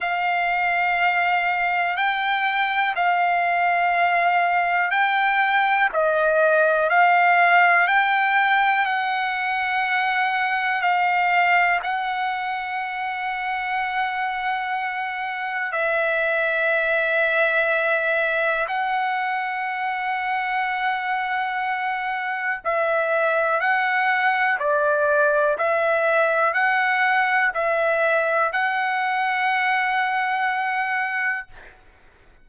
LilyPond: \new Staff \with { instrumentName = "trumpet" } { \time 4/4 \tempo 4 = 61 f''2 g''4 f''4~ | f''4 g''4 dis''4 f''4 | g''4 fis''2 f''4 | fis''1 |
e''2. fis''4~ | fis''2. e''4 | fis''4 d''4 e''4 fis''4 | e''4 fis''2. | }